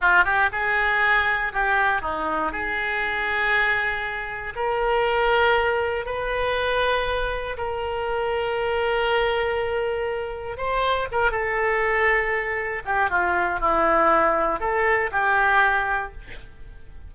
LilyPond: \new Staff \with { instrumentName = "oboe" } { \time 4/4 \tempo 4 = 119 f'8 g'8 gis'2 g'4 | dis'4 gis'2.~ | gis'4 ais'2. | b'2. ais'4~ |
ais'1~ | ais'4 c''4 ais'8 a'4.~ | a'4. g'8 f'4 e'4~ | e'4 a'4 g'2 | }